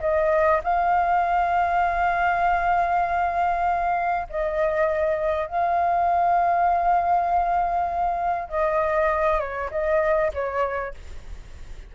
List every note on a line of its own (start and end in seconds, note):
0.00 0.61 D#5
0.63 4.27 F5
4.29 5.46 D#5
5.46 8.48 F5
8.48 9.39 D#5
9.39 9.69 C#5
9.71 10.31 D#5
10.33 10.94 C#5